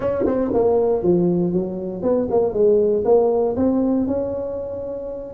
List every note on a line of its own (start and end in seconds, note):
0.00 0.25 C#4
0.26 0.51 C4
0.53 1.02 A#3
1.02 1.53 F3
1.53 2.02 F#3
2.02 2.27 B3
2.30 2.53 A#3
2.53 3.04 G#3
3.04 3.55 A#3
3.56 4.07 C4
4.07 5.33 C#4